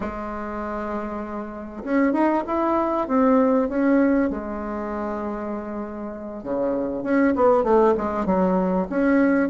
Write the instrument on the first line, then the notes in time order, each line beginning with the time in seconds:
bassoon
0.00 G#3
1.83 C#4
2.12 D#4
2.46 E4
3.07 C4
3.68 C#4
4.29 G#3
6.43 C#3
7.03 C#4
7.35 B3
7.63 A3
7.97 G#3
8.25 F#3
8.89 C#4